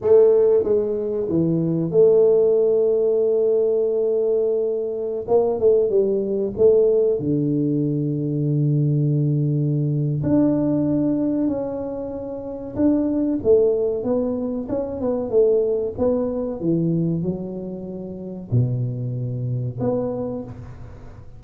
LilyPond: \new Staff \with { instrumentName = "tuba" } { \time 4/4 \tempo 4 = 94 a4 gis4 e4 a4~ | a1~ | a16 ais8 a8 g4 a4 d8.~ | d1 |
d'2 cis'2 | d'4 a4 b4 cis'8 b8 | a4 b4 e4 fis4~ | fis4 b,2 b4 | }